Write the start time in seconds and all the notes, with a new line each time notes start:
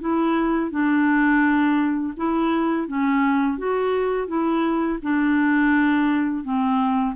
0.00 E4
0.70 D4
2.17 E4
2.87 C#4
3.58 F#4
4.27 E4
5.02 D4
6.44 C4